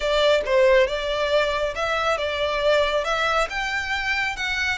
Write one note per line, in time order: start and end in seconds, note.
0.00 0.41 D5
0.45 0.87 C5
0.87 1.74 D5
1.75 2.17 E5
2.17 3.04 D5
3.04 3.48 E5
3.49 4.36 G5
4.36 4.78 F#5